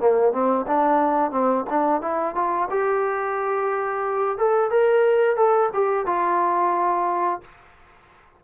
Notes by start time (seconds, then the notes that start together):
0.00 A#3
0.32 C4
0.67 D4
1.31 C4
1.70 D4
2.02 E4
2.35 F4
2.71 G4
4.38 A4
4.71 A#4
5.36 A4
5.74 G4
6.06 F4